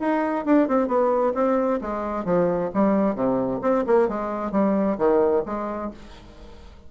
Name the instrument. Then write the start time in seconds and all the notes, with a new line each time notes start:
bassoon
0.00 D#4
0.46 D4
0.69 C4
0.88 B3
1.35 C4
1.82 G#3
2.25 F3
2.75 G3
3.15 C3
3.62 C4
3.87 A#3
4.09 G#3
4.52 G3
4.99 D#3
5.46 G#3